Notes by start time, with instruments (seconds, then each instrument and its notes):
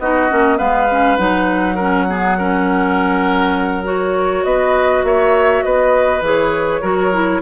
0.00 bassoon B3, clarinet D#4, oboe F#4, flute D#5
0.30 bassoon A#3, clarinet C#4
0.58 bassoon G#3, clarinet B3, oboe B4, flute F5
0.91 clarinet C#4
1.17 bassoon F#3, clarinet D#4, flute F#5
1.75 clarinet C#4, oboe A#4
2.08 clarinet B3, oboe G#4
2.38 clarinet C#4, oboe A#4
3.84 clarinet F#4, flute C#5
4.45 bassoon B3, oboe B4, flute D#5
5.04 bassoon A#3, oboe C#5, flute E5
5.63 bassoon B3, oboe B4, flute D#5
6.22 bassoon E3, clarinet G#4, flute C#5
6.82 bassoon F#3, clarinet F#4, oboe A#4
7.13 clarinet E4